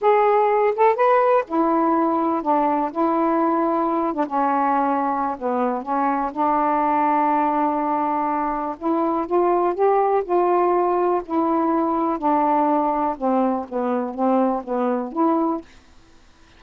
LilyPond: \new Staff \with { instrumentName = "saxophone" } { \time 4/4 \tempo 4 = 123 gis'4. a'8 b'4 e'4~ | e'4 d'4 e'2~ | e'8 d'16 cis'2~ cis'16 b4 | cis'4 d'2.~ |
d'2 e'4 f'4 | g'4 f'2 e'4~ | e'4 d'2 c'4 | b4 c'4 b4 e'4 | }